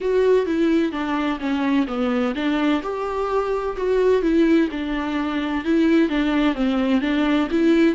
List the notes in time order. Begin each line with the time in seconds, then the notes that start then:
0.00 F#4
0.46 E4
0.92 D4
1.39 C#4
1.87 B3
2.35 D4
2.83 G4
3.77 F#4
4.21 E4
4.71 D4
5.64 E4
6.09 D4
6.54 C4
7.01 D4
7.50 E4